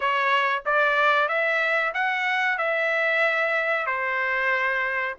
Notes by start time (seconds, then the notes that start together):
0.00 C#5
0.65 D5
1.28 E5
1.94 F#5
2.58 E5
3.86 C5